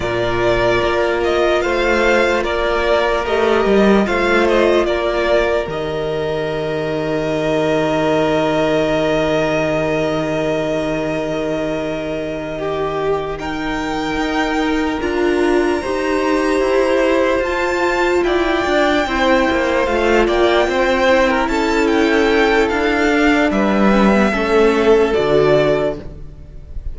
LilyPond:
<<
  \new Staff \with { instrumentName = "violin" } { \time 4/4 \tempo 4 = 74 d''4. dis''8 f''4 d''4 | dis''4 f''8 dis''8 d''4 dis''4~ | dis''1~ | dis''1~ |
dis''8 g''2 ais''4.~ | ais''4. a''4 g''4.~ | g''8 f''8 g''4. a''8 g''4 | f''4 e''2 d''4 | }
  \new Staff \with { instrumentName = "violin" } { \time 4/4 ais'2 c''4 ais'4~ | ais'4 c''4 ais'2~ | ais'1~ | ais'2.~ ais'8 g'8~ |
g'8 ais'2. c''8~ | c''2~ c''8 d''4 c''8~ | c''4 d''8 c''8. ais'16 a'4.~ | a'4 b'4 a'2 | }
  \new Staff \with { instrumentName = "viola" } { \time 4/4 f'1 | g'4 f'2 g'4~ | g'1~ | g'1~ |
g'8 dis'2 f'4 g'8~ | g'4. f'2 e'8~ | e'8 f'4. e'2~ | e'8 d'4 cis'16 b16 cis'4 fis'4 | }
  \new Staff \with { instrumentName = "cello" } { \time 4/4 ais,4 ais4 a4 ais4 | a8 g8 a4 ais4 dis4~ | dis1~ | dis1~ |
dis4. dis'4 d'4 dis'8~ | dis'8 e'4 f'4 e'8 d'8 c'8 | ais8 a8 ais8 c'4 cis'4. | d'4 g4 a4 d4 | }
>>